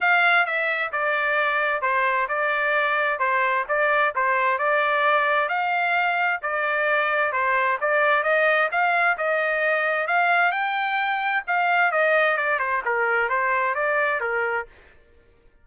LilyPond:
\new Staff \with { instrumentName = "trumpet" } { \time 4/4 \tempo 4 = 131 f''4 e''4 d''2 | c''4 d''2 c''4 | d''4 c''4 d''2 | f''2 d''2 |
c''4 d''4 dis''4 f''4 | dis''2 f''4 g''4~ | g''4 f''4 dis''4 d''8 c''8 | ais'4 c''4 d''4 ais'4 | }